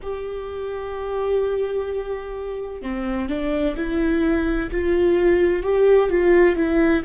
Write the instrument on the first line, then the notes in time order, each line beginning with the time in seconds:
viola
0.02 G4
2.82 C4
3.28 D4
3.76 E4
4.71 F4
5.62 G4
6.09 F4
6.56 E4